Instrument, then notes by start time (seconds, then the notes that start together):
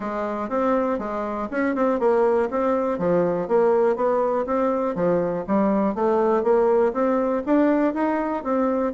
bassoon
0.00 G#3
0.49 C4
0.98 G#3
1.51 C#4
1.75 C4
1.99 A#3
2.50 C4
2.98 F3
3.48 A#3
3.96 B3
4.46 C4
4.95 F3
5.47 G3
5.94 A3
6.43 A#3
6.93 C4
7.46 D4
7.94 D#4
8.43 C4